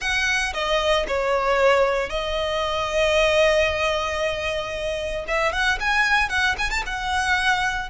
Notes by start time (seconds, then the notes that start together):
0.00 F#5
0.53 D#5
1.07 C#5
2.09 D#5
5.27 E5
5.52 F#5
5.79 G#5
6.29 F#5
6.58 G#5
6.70 A5
6.85 F#5